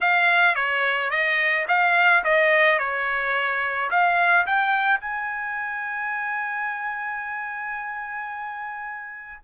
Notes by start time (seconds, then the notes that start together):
0.01 F5
0.55 C#5
1.10 D#5
1.68 F5
2.24 D#5
2.78 C#5
3.90 F5
4.46 G5
5.00 G#5